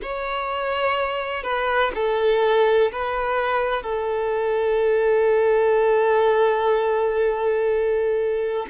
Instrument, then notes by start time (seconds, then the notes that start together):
violin
0.02 C#5
1.43 B4
1.94 A4
2.92 B4
3.82 A4